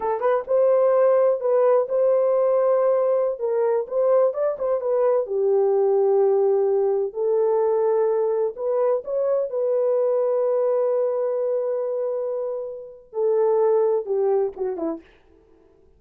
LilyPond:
\new Staff \with { instrumentName = "horn" } { \time 4/4 \tempo 4 = 128 a'8 b'8 c''2 b'4 | c''2.~ c''16 ais'8.~ | ais'16 c''4 d''8 c''8 b'4 g'8.~ | g'2.~ g'16 a'8.~ |
a'2~ a'16 b'4 cis''8.~ | cis''16 b'2.~ b'8.~ | b'1 | a'2 g'4 fis'8 e'8 | }